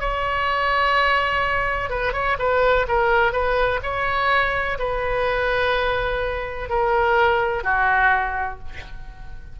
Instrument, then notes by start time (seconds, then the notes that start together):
oboe
0.00 C#5
1.90 B4
2.13 C#5
2.39 B4
2.88 A#4
3.32 B4
3.83 C#5
4.79 B4
6.69 A#4
7.64 F#4